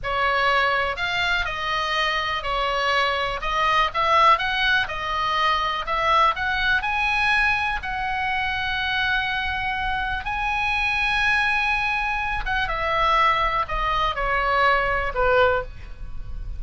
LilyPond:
\new Staff \with { instrumentName = "oboe" } { \time 4/4 \tempo 4 = 123 cis''2 f''4 dis''4~ | dis''4 cis''2 dis''4 | e''4 fis''4 dis''2 | e''4 fis''4 gis''2 |
fis''1~ | fis''4 gis''2.~ | gis''4. fis''8 e''2 | dis''4 cis''2 b'4 | }